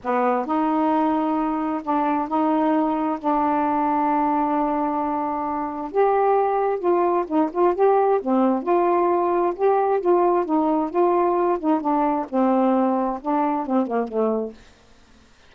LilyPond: \new Staff \with { instrumentName = "saxophone" } { \time 4/4 \tempo 4 = 132 b4 dis'2. | d'4 dis'2 d'4~ | d'1~ | d'4 g'2 f'4 |
dis'8 f'8 g'4 c'4 f'4~ | f'4 g'4 f'4 dis'4 | f'4. dis'8 d'4 c'4~ | c'4 d'4 c'8 ais8 a4 | }